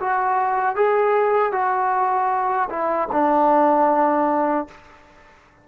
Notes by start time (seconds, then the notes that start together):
0.00 F#4
0.75 G#4
1.52 F#4
2.70 E4
3.12 D4